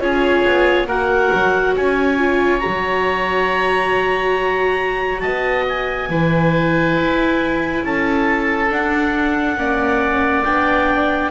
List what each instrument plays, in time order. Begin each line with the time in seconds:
0.00 double bass C#4, viola F4, oboe G#4, clarinet C#5
0.44 double bass B3
0.87 double bass A#3, viola F#4, oboe A#4, clarinet F#5
1.33 double bass F#3
1.76 double bass C#4, oboe C#5, clarinet G#5
2.17 viola F4
2.59 viola F#4, clarinet A#5
2.66 double bass F#3
5.20 double bass B3, oboe D#5, clarinet A5
5.68 clarinet G#5
6.09 double bass E3, viola E4, oboe B4
6.96 double bass E4
7.83 double bass C#4, oboe A4, clarinet A5
8.70 viola D4, double bass D4, clarinet F#5
9.57 double bass A#3, viola C#4, oboe D5
10.43 double bass B3, viola D4, clarinet G5